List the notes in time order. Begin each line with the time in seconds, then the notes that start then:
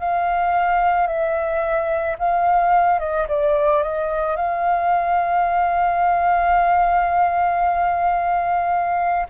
0.00 F5
1.07 E5
2.19 F5
3.00 D#5
3.29 D5
3.83 D#5
4.36 F5